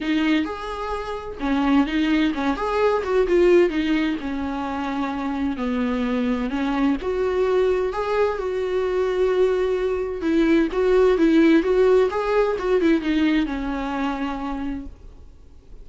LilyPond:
\new Staff \with { instrumentName = "viola" } { \time 4/4 \tempo 4 = 129 dis'4 gis'2 cis'4 | dis'4 cis'8 gis'4 fis'8 f'4 | dis'4 cis'2. | b2 cis'4 fis'4~ |
fis'4 gis'4 fis'2~ | fis'2 e'4 fis'4 | e'4 fis'4 gis'4 fis'8 e'8 | dis'4 cis'2. | }